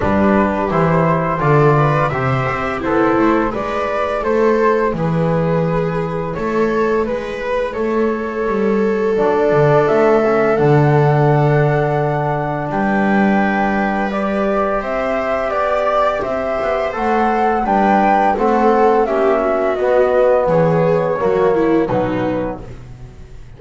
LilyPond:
<<
  \new Staff \with { instrumentName = "flute" } { \time 4/4 \tempo 4 = 85 b'4 c''4 d''4 e''4 | c''4 d''4 c''4 b'4~ | b'4 cis''4 b'4 cis''4~ | cis''4 d''4 e''4 fis''4~ |
fis''2 g''2 | d''4 e''4 d''4 e''4 | fis''4 g''4 fis''4 e''4 | dis''4 cis''2 b'4 | }
  \new Staff \with { instrumentName = "viola" } { \time 4/4 g'2 a'8 b'8 c''4 | e'4 b'4 a'4 gis'4~ | gis'4 a'4 b'4 a'4~ | a'1~ |
a'2 b'2~ | b'4 c''4 d''4 c''4~ | c''4 b'4 a'4 g'8 fis'8~ | fis'4 gis'4 fis'8 e'8 dis'4 | }
  \new Staff \with { instrumentName = "trombone" } { \time 4/4 d'4 e'4 f'4 g'4 | a'4 e'2.~ | e'1~ | e'4 d'4. cis'8 d'4~ |
d'1 | g'1 | a'4 d'4 c'4 cis'4 | b2 ais4 fis4 | }
  \new Staff \with { instrumentName = "double bass" } { \time 4/4 g4 e4 d4 c8 c'8 | b8 a8 gis4 a4 e4~ | e4 a4 gis4 a4 | g4 fis8 d8 a4 d4~ |
d2 g2~ | g4 c'4 b4 c'8 b8 | a4 g4 a4 ais4 | b4 e4 fis4 b,4 | }
>>